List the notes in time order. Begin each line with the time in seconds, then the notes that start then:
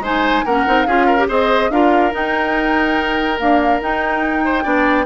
0.00 G#3 D#4 C5 G#5
0.45 A#3 C#4 A#4 F#5
0.67 C4 D#4
0.83 C#4 F4 G#4 F5
1.07 A#4
1.19 G4
1.29 C4 G#4 C5 D#5
1.70 D4 F4 A#4 F5
2.12 D#4 G5
3.39 A#3 D4 F5
3.82 D#4 G5
4.45 C5
4.64 B3 D4 D5